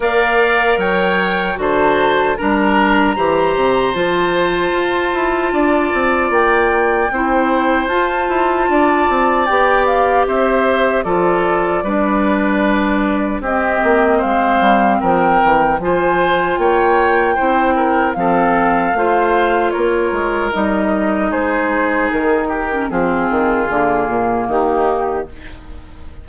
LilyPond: <<
  \new Staff \with { instrumentName = "flute" } { \time 4/4 \tempo 4 = 76 f''4 g''4 a''4 ais''4~ | ais''4 a''2. | g''2 a''2 | g''8 f''8 e''4 d''2~ |
d''4 dis''4 f''4 g''4 | gis''4 g''2 f''4~ | f''4 cis''4 dis''4 c''4 | ais'4 gis'2 g'4 | }
  \new Staff \with { instrumentName = "oboe" } { \time 4/4 d''4 cis''4 c''4 ais'4 | c''2. d''4~ | d''4 c''2 d''4~ | d''4 c''4 a'4 b'4~ |
b'4 g'4 c''4 ais'4 | c''4 cis''4 c''8 ais'8 a'4 | c''4 ais'2 gis'4~ | gis'8 g'8 f'2 dis'4 | }
  \new Staff \with { instrumentName = "clarinet" } { \time 4/4 ais'2 fis'4 d'4 | g'4 f'2.~ | f'4 e'4 f'2 | g'2 f'4 d'4~ |
d'4 c'2. | f'2 e'4 c'4 | f'2 dis'2~ | dis'8. cis'16 c'4 ais2 | }
  \new Staff \with { instrumentName = "bassoon" } { \time 4/4 ais4 fis4 d4 g4 | e8 c8 f4 f'8 e'8 d'8 c'8 | ais4 c'4 f'8 e'8 d'8 c'8 | b4 c'4 f4 g4~ |
g4 c'8 ais8 gis8 g8 f8 e8 | f4 ais4 c'4 f4 | a4 ais8 gis8 g4 gis4 | dis4 f8 dis8 d8 ais,8 dis4 | }
>>